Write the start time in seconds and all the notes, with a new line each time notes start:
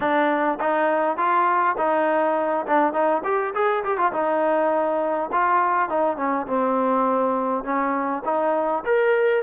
0.00 D4
0.60 D#4
1.17 F4
1.77 D#4
2.66 D4
2.93 D#4
3.24 G4
3.54 G#4
3.84 G4
3.97 F4
4.12 D#4
5.32 F4
5.89 D#4
6.16 C#4
6.47 C4
7.64 C#4
8.25 D#4
8.85 A#4